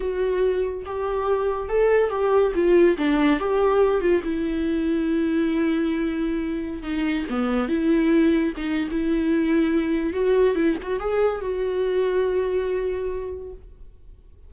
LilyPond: \new Staff \with { instrumentName = "viola" } { \time 4/4 \tempo 4 = 142 fis'2 g'2 | a'4 g'4 f'4 d'4 | g'4. f'8 e'2~ | e'1~ |
e'16 dis'4 b4 e'4.~ e'16~ | e'16 dis'8. e'2. | fis'4 e'8 fis'8 gis'4 fis'4~ | fis'1 | }